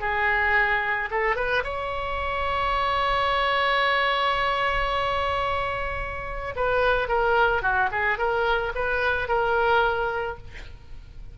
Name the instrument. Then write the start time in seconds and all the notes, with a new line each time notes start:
oboe
0.00 G#4
1.10 A4
1.35 B4
1.64 C#5
6.55 B4
7.08 A#4
7.62 F#4
7.91 G#4
8.18 A#4
8.75 B4
9.28 A#4